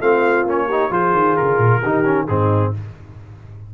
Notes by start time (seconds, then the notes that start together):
0.00 A3 C4 F4 F5
0.44 A#3 C#4 C#5
0.67 D#4 G4
0.90 F3 F4 G#4 C5
1.13 D#3
1.37 C#3 A#4
1.58 A#2
1.81 D#3 D#4 G4
2.04 C#4
2.27 G#2 C4 D#4 G#4